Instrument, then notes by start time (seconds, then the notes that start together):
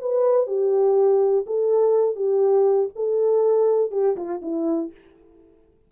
horn
0.00 B4
0.46 G4
1.46 A4
2.15 G4
2.95 A4
3.91 G4
4.16 F4
4.42 E4